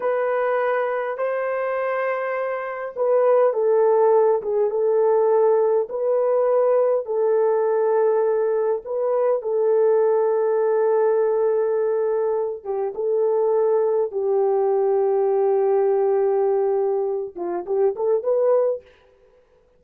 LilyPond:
\new Staff \with { instrumentName = "horn" } { \time 4/4 \tempo 4 = 102 b'2 c''2~ | c''4 b'4 a'4. gis'8 | a'2 b'2 | a'2. b'4 |
a'1~ | a'4. g'8 a'2 | g'1~ | g'4. f'8 g'8 a'8 b'4 | }